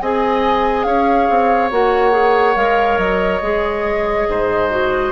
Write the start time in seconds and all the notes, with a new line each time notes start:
0.00 C4 G#4 D#5 G#5
0.83 C#4 C#5 F5
1.29 C4
1.71 A#3 F#4 F#5
2.11 G#4
2.55 G#3 A#4 F5
2.98 F#3 D#5
3.42 G#3 G#4
4.28 G#2 C5
4.70 F#4